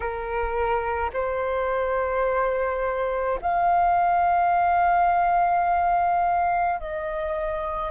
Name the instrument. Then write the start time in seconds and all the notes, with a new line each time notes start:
flute
0.00 A#4
1.13 C5
3.41 F5
6.79 D#5